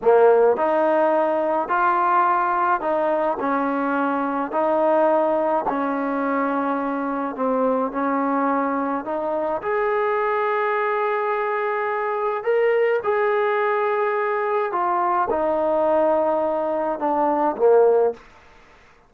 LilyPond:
\new Staff \with { instrumentName = "trombone" } { \time 4/4 \tempo 4 = 106 ais4 dis'2 f'4~ | f'4 dis'4 cis'2 | dis'2 cis'2~ | cis'4 c'4 cis'2 |
dis'4 gis'2.~ | gis'2 ais'4 gis'4~ | gis'2 f'4 dis'4~ | dis'2 d'4 ais4 | }